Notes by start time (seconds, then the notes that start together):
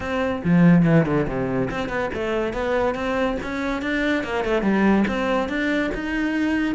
0.00 C4
0.44 F3
0.85 E3
1.05 D3
1.27 C3
1.70 C4
1.88 B3
2.14 A3
2.53 B3
2.94 C4
3.42 C#4
3.81 D4
4.23 A#3
4.44 A3
4.62 G3
5.07 C4
5.48 D4
5.94 D#4